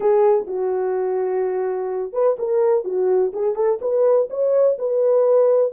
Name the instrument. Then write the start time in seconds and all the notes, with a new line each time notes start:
horn
0.00 G#4
0.46 F#4
2.13 B4
2.39 A#4
2.84 F#4
3.33 G#4
3.55 A4
3.81 B4
4.30 C#5
4.78 B4